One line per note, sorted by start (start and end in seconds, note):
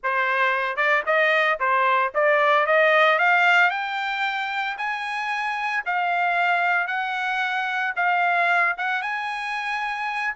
0.03 0.76 C5
0.76 1.02 D5
1.06 1.59 D#5
1.59 2.12 C5
2.14 2.66 D5
2.66 3.18 D#5
3.18 3.70 F5
3.70 4.76 G5
4.77 5.83 G#5
5.85 6.87 F5
6.87 7.93 F#5
7.96 8.75 F5
8.77 9.01 F#5
9.01 10.34 G#5